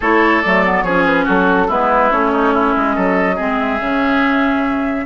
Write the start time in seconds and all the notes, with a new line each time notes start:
0.00 A3 E4 A4 C#5
0.41 F#3 A3 D5
0.65 B3
0.82 F3 C#4 G#4 C#5
1.05 B4
1.24 F#3 F#4 A4
1.67 G#3 B3 E4 B4
2.10 A3 C#4 C#5
2.32 D#4
2.53 E4
2.75 G#3 D#5
2.95 F#3 A4
3.35 G#3 C4 G#4
3.58 E5
3.79 C#3 C#4